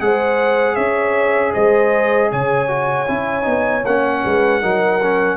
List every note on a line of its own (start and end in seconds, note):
0.00 0.76 G#3
0.00 2.67 G#4
0.00 0.75 C5
0.00 0.75 F#5
0.75 1.53 C#4
0.75 1.51 C#5
0.75 1.52 E5
1.53 2.32 G#3
1.53 2.30 C5
1.53 2.30 D#5
2.30 3.08 C#3
2.30 4.23 C#5
2.30 3.85 G#5
2.67 3.06 F#4
3.07 3.46 C#4
3.07 3.42 E4
3.42 3.84 B3
3.42 3.81 D#4
3.85 4.23 A#3
3.85 4.61 C#4
3.85 5.37 F#5
4.23 4.62 G#3
4.23 4.60 B4
4.60 5.37 F#3
4.60 5.00 D#4
4.60 5.37 A#4
5.02 5.37 C#4